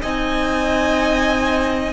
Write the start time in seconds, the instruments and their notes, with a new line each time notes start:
0.00 cello C4, viola D#4, violin D#5 G#5